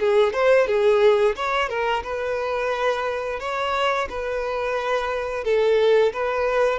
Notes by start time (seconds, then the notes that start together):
0.00 G#4
0.33 C5
0.67 G#4
1.36 C#5
1.69 A#4
2.03 B4
3.40 C#5
4.09 B4
5.44 A4
6.13 B4